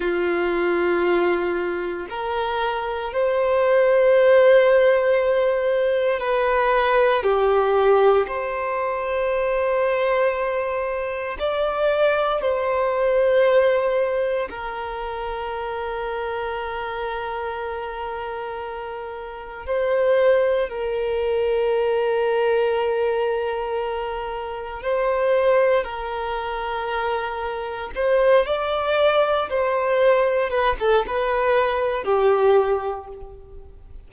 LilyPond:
\new Staff \with { instrumentName = "violin" } { \time 4/4 \tempo 4 = 58 f'2 ais'4 c''4~ | c''2 b'4 g'4 | c''2. d''4 | c''2 ais'2~ |
ais'2. c''4 | ais'1 | c''4 ais'2 c''8 d''8~ | d''8 c''4 b'16 a'16 b'4 g'4 | }